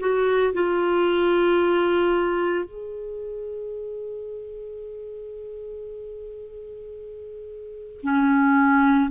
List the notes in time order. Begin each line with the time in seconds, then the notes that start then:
0.00 F#4
0.54 F4
2.65 G#4
8.03 C#4